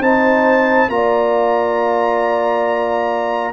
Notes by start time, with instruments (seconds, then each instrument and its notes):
0.00 tuba C4, trombone D#4, horn C5, trumpet A5
0.89 tuba A#3, trombone F4, horn D5, trumpet A#5